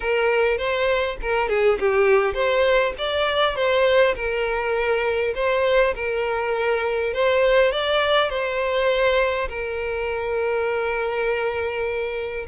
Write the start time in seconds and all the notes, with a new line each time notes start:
0.00 A#4
0.57 C5
1.21 A#4
1.49 G#4
1.79 G4
2.33 C5
2.97 D5
3.55 C5
4.15 A#4
5.34 C5
5.95 A#4
7.13 C5
7.71 D5
8.29 C5
9.49 A#4